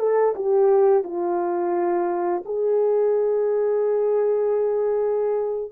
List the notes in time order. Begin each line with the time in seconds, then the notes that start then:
0.00 A4
0.36 G4
1.04 F4
2.46 G#4